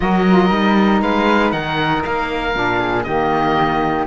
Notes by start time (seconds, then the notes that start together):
0.00 F#3 F#4 A#4 D#5
0.29 F4
0.48 G3 D#4
1.01 G#3 B4 F5
1.51 D#3 A#4 F#5
2.04 A#3 F5
2.53 A#2 D4
2.79 G#4
3.03 D#3 A#3 G4 D#5